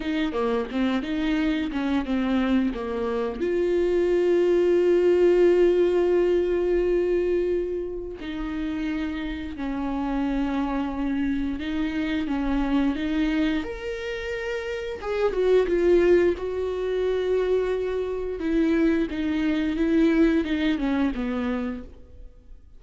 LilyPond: \new Staff \with { instrumentName = "viola" } { \time 4/4 \tempo 4 = 88 dis'8 ais8 c'8 dis'4 cis'8 c'4 | ais4 f'2.~ | f'1 | dis'2 cis'2~ |
cis'4 dis'4 cis'4 dis'4 | ais'2 gis'8 fis'8 f'4 | fis'2. e'4 | dis'4 e'4 dis'8 cis'8 b4 | }